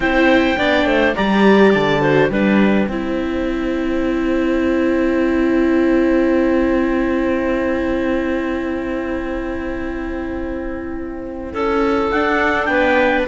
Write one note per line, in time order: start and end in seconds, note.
0.00 0.55 C4
0.00 0.58 E4
0.00 0.58 C5
0.00 1.14 G5
0.57 0.85 B3
0.57 1.15 D4
0.57 0.86 D5
0.85 1.14 A3
0.85 1.15 C5
1.15 1.74 G3
1.15 2.01 G4
1.15 2.01 D5
1.15 1.73 A#5
1.73 2.30 D3
1.73 2.29 A5
2.01 2.30 F#4
2.01 2.30 C5
2.29 2.87 G3
2.29 2.90 D4
2.29 2.89 B4
2.29 12.09 G5
2.88 11.53 C4
2.88 12.13 E4
2.88 11.53 C5
11.53 12.11 C#4
11.53 12.68 A4
12.11 12.67 D4
12.11 13.28 D4
12.11 12.65 F#5
12.65 13.25 B3
12.65 13.28 B4
12.65 13.23 G5